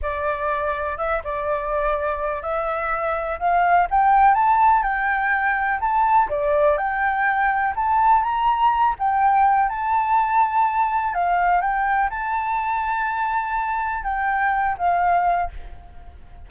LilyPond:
\new Staff \with { instrumentName = "flute" } { \time 4/4 \tempo 4 = 124 d''2 e''8 d''4.~ | d''4 e''2 f''4 | g''4 a''4 g''2 | a''4 d''4 g''2 |
a''4 ais''4. g''4. | a''2. f''4 | g''4 a''2.~ | a''4 g''4. f''4. | }